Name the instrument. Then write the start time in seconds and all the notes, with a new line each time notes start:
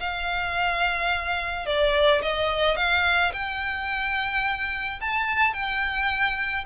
violin
0.00 F5
1.66 D5
2.22 D#5
2.77 F5
3.33 G5
5.01 A5
5.54 G5